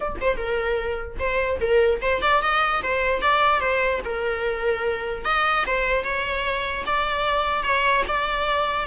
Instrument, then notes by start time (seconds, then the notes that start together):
viola
0.00 D5
0.20 C5
0.37 A#4
1.19 C5
1.60 A#4
2.01 C5
2.21 D5
2.42 D#5
2.82 C5
3.21 D5
3.60 C5
4.04 A#4
5.24 D#5
5.66 C5
6.04 C#5
6.86 D5
7.63 C#5
8.07 D5